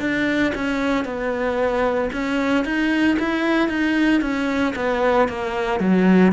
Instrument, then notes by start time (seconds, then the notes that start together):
cello
0.00 D4
0.55 C#4
1.05 B3
2.13 C#4
2.65 D#4
3.20 E4
3.69 D#4
4.22 C#4
4.76 B3
5.29 A#3
5.80 F#3